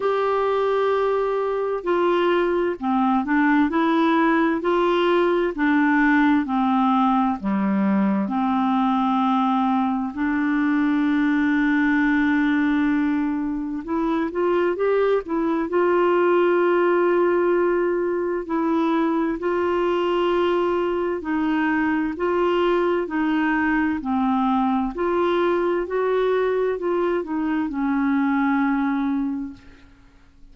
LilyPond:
\new Staff \with { instrumentName = "clarinet" } { \time 4/4 \tempo 4 = 65 g'2 f'4 c'8 d'8 | e'4 f'4 d'4 c'4 | g4 c'2 d'4~ | d'2. e'8 f'8 |
g'8 e'8 f'2. | e'4 f'2 dis'4 | f'4 dis'4 c'4 f'4 | fis'4 f'8 dis'8 cis'2 | }